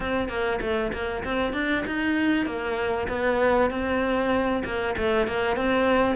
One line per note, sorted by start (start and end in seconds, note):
0.00 0.28 C4
0.28 0.59 A#3
0.61 0.92 A3
0.92 1.23 A#3
1.24 1.53 C4
1.53 1.84 D4
1.86 2.45 D#4
2.45 3.07 A#3
3.08 3.70 B3
3.70 4.63 C4
4.64 4.95 A#3
4.97 5.27 A3
5.27 5.56 A#3
5.56 6.15 C4